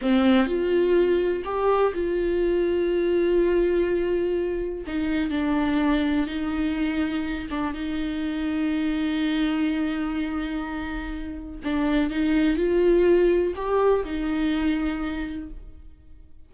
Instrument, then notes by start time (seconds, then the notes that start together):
viola
0.01 C4
0.46 F4
1.44 G4
1.94 F4
4.87 D#4
5.30 D4
6.26 D#4
7.50 D4
7.73 D#4
11.63 D4
12.10 D#4
12.57 F4
13.55 G4
14.04 D#4